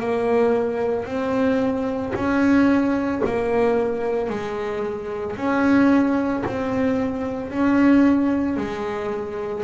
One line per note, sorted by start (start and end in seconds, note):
0.00 1.06 A#3
1.06 2.13 C4
2.15 3.22 C#4
3.26 4.30 A#3
4.30 5.37 G#3
5.37 6.44 C#4
6.46 7.50 C4
7.50 8.57 C#4
8.57 9.64 G#3